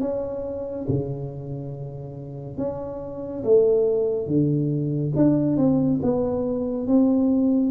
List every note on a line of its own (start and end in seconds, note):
0.00 0.86 C#4
0.88 2.58 C#3
2.58 3.43 C#4
3.44 4.27 A3
4.27 5.13 D3
5.16 5.57 D4
5.57 6.00 C4
6.03 6.87 B3
6.87 7.71 C4